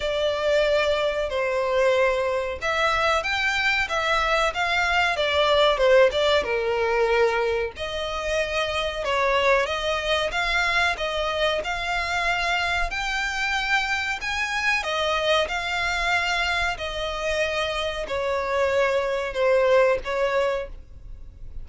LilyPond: \new Staff \with { instrumentName = "violin" } { \time 4/4 \tempo 4 = 93 d''2 c''2 | e''4 g''4 e''4 f''4 | d''4 c''8 d''8 ais'2 | dis''2 cis''4 dis''4 |
f''4 dis''4 f''2 | g''2 gis''4 dis''4 | f''2 dis''2 | cis''2 c''4 cis''4 | }